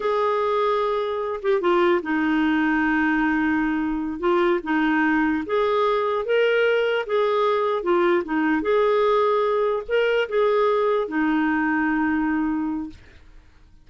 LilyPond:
\new Staff \with { instrumentName = "clarinet" } { \time 4/4 \tempo 4 = 149 gis'2.~ gis'8 g'8 | f'4 dis'2.~ | dis'2~ dis'8 f'4 dis'8~ | dis'4. gis'2 ais'8~ |
ais'4. gis'2 f'8~ | f'8 dis'4 gis'2~ gis'8~ | gis'8 ais'4 gis'2 dis'8~ | dis'1 | }